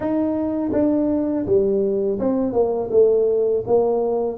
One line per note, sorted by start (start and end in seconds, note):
0.00 0.71 D#4
0.72 1.45 D4
1.45 2.19 G3
2.19 2.52 C4
2.52 2.89 A#3
2.90 3.64 A3
3.66 4.38 A#3